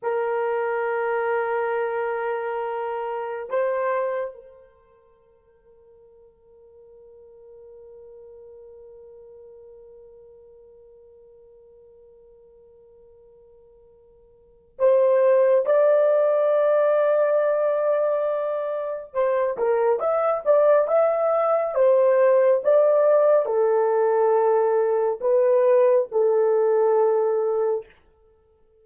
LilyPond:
\new Staff \with { instrumentName = "horn" } { \time 4/4 \tempo 4 = 69 ais'1 | c''4 ais'2.~ | ais'1~ | ais'1~ |
ais'4 c''4 d''2~ | d''2 c''8 ais'8 e''8 d''8 | e''4 c''4 d''4 a'4~ | a'4 b'4 a'2 | }